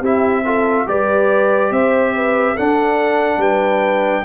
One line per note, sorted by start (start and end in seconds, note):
0.00 0.85 C4
0.00 0.44 E4
0.00 0.42 G4
0.00 0.88 E5
0.44 0.86 F4
0.44 0.87 A4
0.86 1.71 G3
0.86 2.55 G4
0.86 1.72 B4
0.86 1.72 D5
1.71 2.55 C4
1.71 2.14 C5
1.71 2.57 E5
2.15 2.54 B4
2.54 4.24 D4
2.54 3.37 D4
2.54 3.38 A4
2.54 3.41 F#5
3.37 4.21 G3
3.37 4.24 B4
3.37 4.24 G5